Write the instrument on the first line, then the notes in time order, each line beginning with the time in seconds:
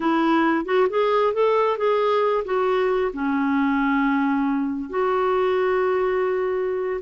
clarinet
0.00 E4
0.65 F#4
0.89 G#4
1.33 A4
1.77 G#4
2.44 F#4
3.13 C#4
4.89 F#4